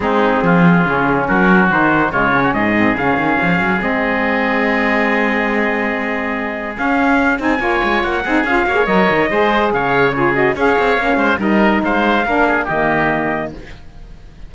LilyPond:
<<
  \new Staff \with { instrumentName = "trumpet" } { \time 4/4 \tempo 4 = 142 gis'2. ais'4 | c''4 cis''4 dis''4 f''4~ | f''4 dis''2.~ | dis''1 |
f''4. gis''4. fis''4 | f''4 dis''2 f''4 | cis''8 dis''8 f''2 dis''4 | f''2 dis''2 | }
  \new Staff \with { instrumentName = "oboe" } { \time 4/4 dis'4 f'2 fis'4~ | fis'4 f'8. fis'16 gis'2~ | gis'1~ | gis'1~ |
gis'2 cis''4. gis'8~ | gis'8 cis''4. c''4 cis''4 | gis'4 cis''4. c''8 ais'4 | c''4 ais'8 gis'8 g'2 | }
  \new Staff \with { instrumentName = "saxophone" } { \time 4/4 c'2 cis'2 | dis'4 gis8 cis'4 c'8 cis'4~ | cis'4 c'2.~ | c'1 |
cis'4. dis'8 f'4. dis'8 | f'8 fis'16 gis'16 ais'4 gis'2 | f'8 fis'8 gis'4 cis'4 dis'4~ | dis'4 d'4 ais2 | }
  \new Staff \with { instrumentName = "cello" } { \time 4/4 gis4 f4 cis4 fis4 | dis4 cis4 gis,4 cis8 dis8 | f8 fis8 gis2.~ | gis1 |
cis'4. c'8 ais8 gis8 ais8 c'8 | cis'8 ais8 fis8 dis8 gis4 cis4~ | cis4 cis'8 c'8 ais8 gis8 g4 | gis4 ais4 dis2 | }
>>